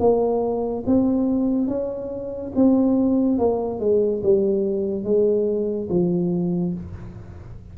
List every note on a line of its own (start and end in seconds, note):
0.00 0.85 A#3
0.87 1.68 C4
1.68 2.52 C#4
2.55 3.39 C4
3.39 3.80 A#3
3.80 4.22 G#3
4.23 5.04 G3
5.04 5.89 G#3
5.90 6.74 F3